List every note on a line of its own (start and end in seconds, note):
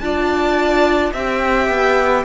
0.00 1.12 D4
0.00 1.14 F4
0.00 1.13 D5
0.00 1.11 A5
1.13 1.69 C4
1.13 2.25 G4
1.13 2.24 E5
1.13 2.25 G5
1.69 2.24 B3